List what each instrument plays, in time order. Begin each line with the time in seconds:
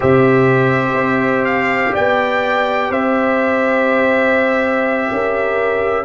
0.00 tuba C3, trombone G4, horn C5, trumpet E5
0.93 tuba C4
1.45 trumpet F5
1.92 tuba B3, horn D5, trumpet G5
2.90 tuba C4, horn C5, trumpet E5
5.11 tuba C#4, horn A#4